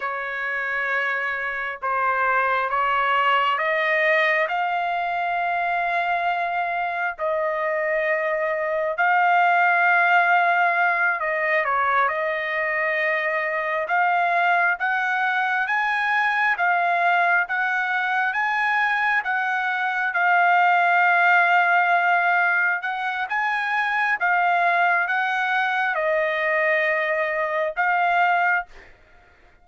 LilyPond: \new Staff \with { instrumentName = "trumpet" } { \time 4/4 \tempo 4 = 67 cis''2 c''4 cis''4 | dis''4 f''2. | dis''2 f''2~ | f''8 dis''8 cis''8 dis''2 f''8~ |
f''8 fis''4 gis''4 f''4 fis''8~ | fis''8 gis''4 fis''4 f''4.~ | f''4. fis''8 gis''4 f''4 | fis''4 dis''2 f''4 | }